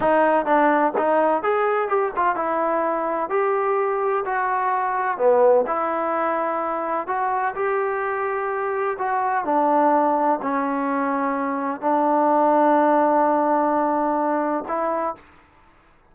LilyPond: \new Staff \with { instrumentName = "trombone" } { \time 4/4 \tempo 4 = 127 dis'4 d'4 dis'4 gis'4 | g'8 f'8 e'2 g'4~ | g'4 fis'2 b4 | e'2. fis'4 |
g'2. fis'4 | d'2 cis'2~ | cis'4 d'2.~ | d'2. e'4 | }